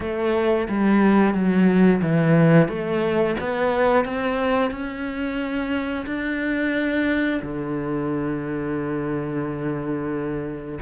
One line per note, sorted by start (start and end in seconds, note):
0.00 0.67 A3
0.68 1.34 G3
1.34 2.01 F#3
2.01 2.68 E3
2.68 3.35 A3
3.40 4.04 B3
4.04 4.70 C4
4.70 6.05 C#4
6.06 7.41 D4
7.42 10.79 D3